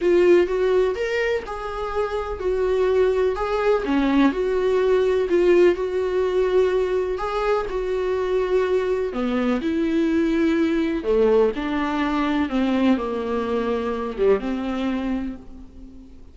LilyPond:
\new Staff \with { instrumentName = "viola" } { \time 4/4 \tempo 4 = 125 f'4 fis'4 ais'4 gis'4~ | gis'4 fis'2 gis'4 | cis'4 fis'2 f'4 | fis'2. gis'4 |
fis'2. b4 | e'2. a4 | d'2 c'4 ais4~ | ais4. g8 c'2 | }